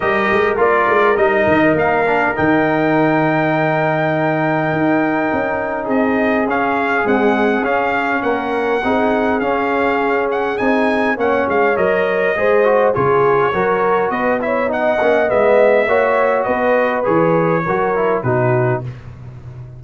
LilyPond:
<<
  \new Staff \with { instrumentName = "trumpet" } { \time 4/4 \tempo 4 = 102 dis''4 d''4 dis''4 f''4 | g''1~ | g''2 dis''4 f''4 | fis''4 f''4 fis''2 |
f''4. fis''8 gis''4 fis''8 f''8 | dis''2 cis''2 | dis''8 e''8 fis''4 e''2 | dis''4 cis''2 b'4 | }
  \new Staff \with { instrumentName = "horn" } { \time 4/4 ais'1~ | ais'1~ | ais'2 gis'2~ | gis'2 ais'4 gis'4~ |
gis'2. cis''4~ | cis''4 c''4 gis'4 ais'4 | b'8 cis''8 dis''2 cis''4 | b'2 ais'4 fis'4 | }
  \new Staff \with { instrumentName = "trombone" } { \time 4/4 g'4 f'4 dis'4. d'8 | dis'1~ | dis'2. cis'4 | gis4 cis'2 dis'4 |
cis'2 dis'4 cis'4 | ais'4 gis'8 fis'8 f'4 fis'4~ | fis'8 e'8 dis'8 cis'8 b4 fis'4~ | fis'4 gis'4 fis'8 e'8 dis'4 | }
  \new Staff \with { instrumentName = "tuba" } { \time 4/4 g8 gis8 ais8 gis8 g8 dis8 ais4 | dis1 | dis'4 cis'4 c'4 cis'4 | c'4 cis'4 ais4 c'4 |
cis'2 c'4 ais8 gis8 | fis4 gis4 cis4 fis4 | b4. ais8 gis4 ais4 | b4 e4 fis4 b,4 | }
>>